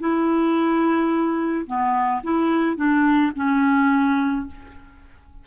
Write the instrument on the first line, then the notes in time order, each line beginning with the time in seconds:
clarinet
0.00 E4
1.67 B3
2.24 E4
2.77 D4
3.36 C#4